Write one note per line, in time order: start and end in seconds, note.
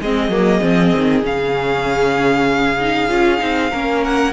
0.00 0.28 G#3
0.00 0.31 C4
0.00 3.70 G#4
0.00 1.25 D#5
0.28 0.59 F#3
0.28 0.61 A#3
0.61 0.93 F3
0.61 1.22 C4
0.96 1.24 D#3
1.23 3.09 C#3
1.23 2.78 C#4
1.23 4.04 F5
2.80 3.08 D#4
3.08 3.40 C#4
3.08 3.38 F4
3.38 3.72 C4
3.38 3.69 D#4
3.70 4.32 A#3
3.70 4.32 C#4
3.70 4.32 A#4
4.04 4.32 F#5